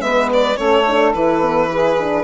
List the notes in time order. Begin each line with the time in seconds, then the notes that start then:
0.00 G#3 B3 B4 E5
0.33 D5
0.55 A3 C#4 A4 C#5
0.86 D4
1.13 E3 E4 B4
1.42 B3
1.70 E4 G#4
1.99 D4